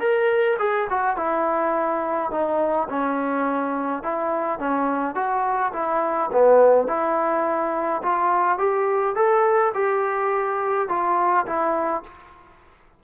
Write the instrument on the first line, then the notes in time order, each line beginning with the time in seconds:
trombone
0.00 A#4
0.59 G#4
0.90 F#4
1.17 E4
2.31 D#4
2.90 C#4
4.03 E4
4.59 C#4
5.16 F#4
5.74 E4
6.32 B3
6.88 E4
8.03 F4
8.59 G4
9.16 A4
9.75 G4
10.89 F4
11.46 E4